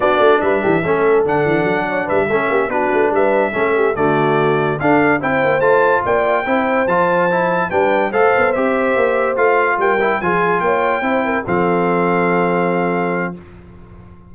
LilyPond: <<
  \new Staff \with { instrumentName = "trumpet" } { \time 4/4 \tempo 4 = 144 d''4 e''2 fis''4~ | fis''4 e''4. b'4 e''8~ | e''4. d''2 f''8~ | f''8 g''4 a''4 g''4.~ |
g''8 a''2 g''4 f''8~ | f''8 e''2 f''4 g''8~ | g''8 gis''4 g''2 f''8~ | f''1 | }
  \new Staff \with { instrumentName = "horn" } { \time 4/4 fis'4 b'8 g'8 a'2~ | a'8 cis''8 b'8 a'8 g'8 fis'4 b'8~ | b'8 a'8 g'8 fis'2 a'8~ | a'8 c''2 d''4 c''8~ |
c''2~ c''8 b'4 c''8~ | c''2.~ c''8 ais'8~ | ais'8 gis'4 cis''4 c''8 ais'8 a'8~ | a'1 | }
  \new Staff \with { instrumentName = "trombone" } { \time 4/4 d'2 cis'4 d'4~ | d'4. cis'4 d'4.~ | d'8 cis'4 a2 d'8~ | d'8 e'4 f'2 e'8~ |
e'8 f'4 e'4 d'4 a'8~ | a'8 g'2 f'4. | e'8 f'2 e'4 c'8~ | c'1 | }
  \new Staff \with { instrumentName = "tuba" } { \time 4/4 b8 a8 g8 e8 a4 d8 e8 | fis4 g8 a8 ais8 b8 a8 g8~ | g8 a4 d2 d'8~ | d'8 c'8 ais8 a4 ais4 c'8~ |
c'8 f2 g4 a8 | b8 c'4 ais4 a4 g8~ | g8 f4 ais4 c'4 f8~ | f1 | }
>>